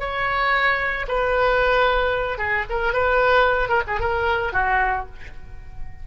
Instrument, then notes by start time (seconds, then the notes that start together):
oboe
0.00 C#5
1.08 B4
2.38 G#4
2.70 A#4
2.93 B4
3.69 A#4
3.88 G#4
4.00 A#4
4.53 F#4